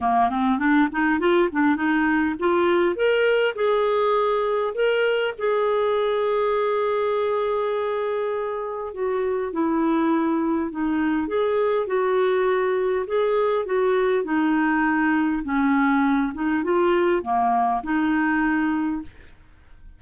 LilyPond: \new Staff \with { instrumentName = "clarinet" } { \time 4/4 \tempo 4 = 101 ais8 c'8 d'8 dis'8 f'8 d'8 dis'4 | f'4 ais'4 gis'2 | ais'4 gis'2.~ | gis'2. fis'4 |
e'2 dis'4 gis'4 | fis'2 gis'4 fis'4 | dis'2 cis'4. dis'8 | f'4 ais4 dis'2 | }